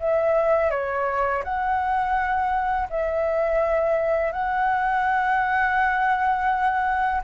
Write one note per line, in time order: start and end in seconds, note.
0.00 0.71 E5
0.71 1.43 C#5
1.44 2.88 F#5
2.90 4.32 E5
4.32 7.22 F#5